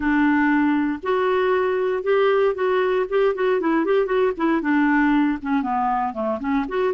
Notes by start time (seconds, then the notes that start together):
0.00 D4
1.03 F#4
2.03 G4
2.55 F#4
3.09 G4
3.34 F#4
3.60 E4
3.85 G4
4.06 F#4
4.37 E4
4.61 D4
5.41 C#4
5.62 B3
6.13 A3
6.40 C#4
6.68 F#4